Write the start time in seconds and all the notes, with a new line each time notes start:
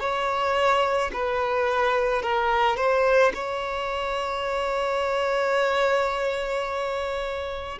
0.00 C#5
1.13 B4
2.22 A#4
2.77 C5
3.34 C#5